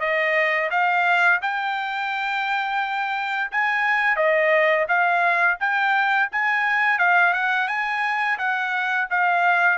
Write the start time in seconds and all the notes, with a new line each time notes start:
0.00 D#5
0.70 F5
1.41 G5
3.51 G#5
4.16 D#5
4.88 F5
5.59 G5
6.31 G#5
6.98 F5
7.33 F#5
7.68 G#5
8.38 F#5
9.10 F5